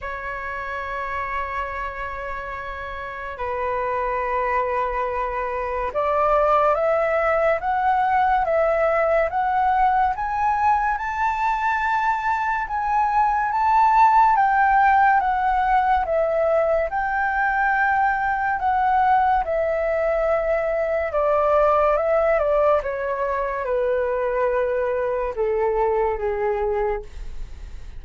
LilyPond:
\new Staff \with { instrumentName = "flute" } { \time 4/4 \tempo 4 = 71 cis''1 | b'2. d''4 | e''4 fis''4 e''4 fis''4 | gis''4 a''2 gis''4 |
a''4 g''4 fis''4 e''4 | g''2 fis''4 e''4~ | e''4 d''4 e''8 d''8 cis''4 | b'2 a'4 gis'4 | }